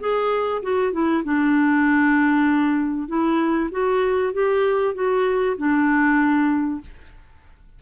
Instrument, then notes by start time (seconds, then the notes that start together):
clarinet
0.00 G#4
0.62 F#4
0.92 E4
1.24 D4
3.08 E4
3.71 F#4
4.33 G4
4.94 F#4
5.57 D4